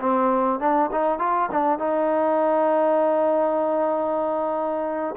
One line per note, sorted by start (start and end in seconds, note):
0.00 0.60 C4
0.60 0.90 D4
0.92 1.19 D#4
1.19 1.50 F4
1.51 1.79 D4
1.79 5.15 D#4